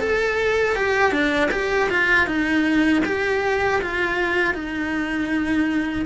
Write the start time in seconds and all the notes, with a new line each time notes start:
0.00 A4
0.76 G4
1.12 D4
1.51 G4
1.90 F4
2.27 D#4
3.05 G4
3.82 F4
4.54 D#4